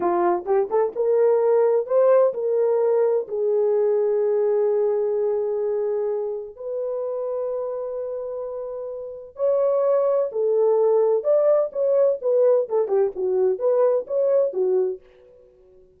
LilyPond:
\new Staff \with { instrumentName = "horn" } { \time 4/4 \tempo 4 = 128 f'4 g'8 a'8 ais'2 | c''4 ais'2 gis'4~ | gis'1~ | gis'2 b'2~ |
b'1 | cis''2 a'2 | d''4 cis''4 b'4 a'8 g'8 | fis'4 b'4 cis''4 fis'4 | }